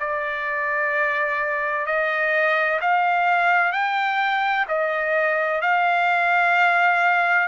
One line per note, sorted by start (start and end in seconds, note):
0.00 1.87 D5
1.87 2.80 D#5
2.81 3.72 F5
3.72 4.66 G5
4.68 5.62 D#5
5.62 7.48 F5